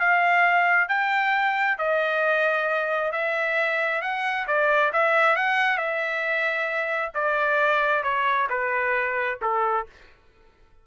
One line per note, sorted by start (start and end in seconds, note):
0.00 0.89 F5
0.89 1.78 G5
1.78 3.12 D#5
3.12 4.02 E5
4.02 4.47 F#5
4.47 4.92 D5
4.93 5.36 E5
5.36 5.78 F#5
5.78 7.12 E5
7.15 8.03 D5
8.03 8.48 C#5
8.50 9.39 B4
9.42 9.87 A4